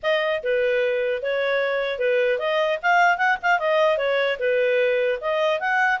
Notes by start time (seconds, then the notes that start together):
0.03 D#5
0.43 B4
1.22 C#5
1.98 B4
2.39 D#5
2.82 F5
3.17 F#5
3.42 F5
3.59 D#5
3.97 C#5
4.39 B4
5.20 D#5
5.60 F#5